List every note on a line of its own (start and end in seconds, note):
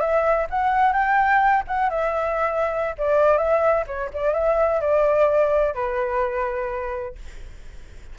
0.00 0.47 E5
0.50 0.93 F#5
0.93 1.63 G5
1.67 1.89 F#5
1.89 2.95 E5
2.98 3.37 D5
3.37 3.84 E5
3.87 4.10 C#5
4.14 4.34 D5
4.34 4.81 E5
4.81 5.74 D5
5.74 7.15 B4